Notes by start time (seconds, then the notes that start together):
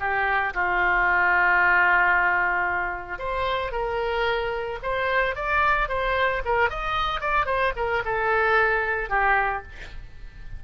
0.00 G4
0.54 F4
3.19 C5
3.72 A#4
4.83 C5
5.35 D5
5.89 C5
6.45 A#4
6.70 D#5
7.21 D5
7.46 C5
7.76 A#4
8.05 A4
9.09 G4